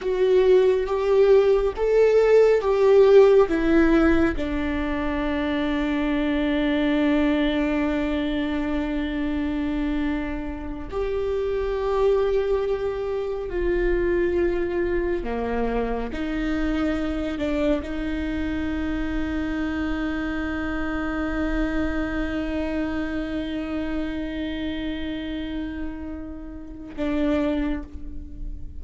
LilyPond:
\new Staff \with { instrumentName = "viola" } { \time 4/4 \tempo 4 = 69 fis'4 g'4 a'4 g'4 | e'4 d'2.~ | d'1~ | d'8 g'2. f'8~ |
f'4. ais4 dis'4. | d'8 dis'2.~ dis'8~ | dis'1~ | dis'2. d'4 | }